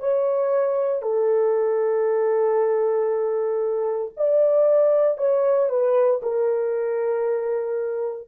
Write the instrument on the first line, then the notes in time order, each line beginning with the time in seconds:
horn
0.00 C#5
1.03 A4
4.17 D5
5.18 C#5
5.69 B4
6.23 A#4